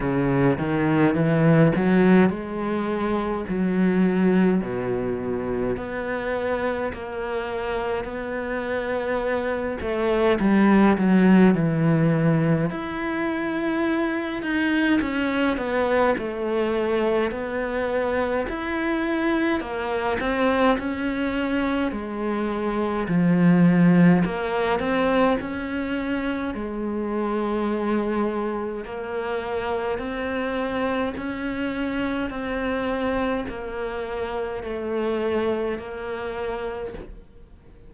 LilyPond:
\new Staff \with { instrumentName = "cello" } { \time 4/4 \tempo 4 = 52 cis8 dis8 e8 fis8 gis4 fis4 | b,4 b4 ais4 b4~ | b8 a8 g8 fis8 e4 e'4~ | e'8 dis'8 cis'8 b8 a4 b4 |
e'4 ais8 c'8 cis'4 gis4 | f4 ais8 c'8 cis'4 gis4~ | gis4 ais4 c'4 cis'4 | c'4 ais4 a4 ais4 | }